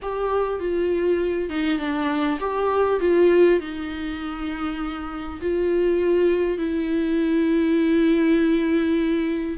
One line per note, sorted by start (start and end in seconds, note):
0.02 0.59 G4
0.59 1.49 F4
1.49 1.78 D#4
1.78 2.38 D4
2.40 3.00 G4
3.00 3.60 F4
3.60 5.40 D#4
5.41 6.58 F4
6.58 9.58 E4